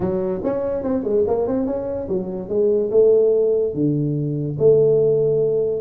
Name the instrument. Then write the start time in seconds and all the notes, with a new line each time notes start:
tuba
0.00 F#3
0.43 C#4
0.83 C4
1.03 G#3
1.27 A#3
1.47 C4
1.66 C#4
2.08 F#3
2.48 G#3
2.91 A3
3.74 D3
4.58 A3